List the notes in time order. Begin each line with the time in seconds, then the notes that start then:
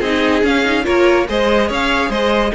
0.00 C4 D#4 G#4 D#5
0.44 C#4 F5
0.65 D#4
0.84 A#3 F4 A#4 C#5
1.29 G#3 G#4 C5 D#5
1.69 C#4 C#5 F5
2.10 G#3 C5 D#5